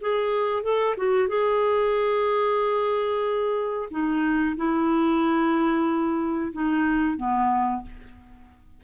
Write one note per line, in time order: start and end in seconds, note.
0.00 0.63 G#4
0.63 0.95 A4
0.97 1.28 F#4
1.28 3.89 G#4
3.90 4.55 D#4
4.56 6.52 E4
6.52 7.17 D#4
7.17 7.82 B3